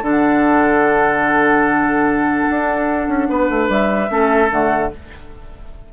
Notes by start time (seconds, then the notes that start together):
0.00 D3 D4 A4 F#5
2.49 D4
3.07 C#4
3.29 B3 B4
3.49 A3
3.68 G3 E5
4.08 A3 C#4 A4
4.50 D3 A3 F#5